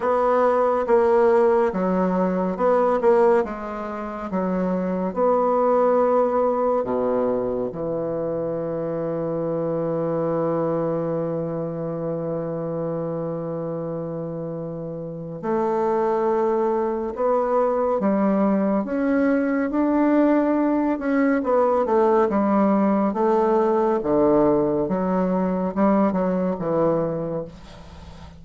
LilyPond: \new Staff \with { instrumentName = "bassoon" } { \time 4/4 \tempo 4 = 70 b4 ais4 fis4 b8 ais8 | gis4 fis4 b2 | b,4 e2.~ | e1~ |
e2 a2 | b4 g4 cis'4 d'4~ | d'8 cis'8 b8 a8 g4 a4 | d4 fis4 g8 fis8 e4 | }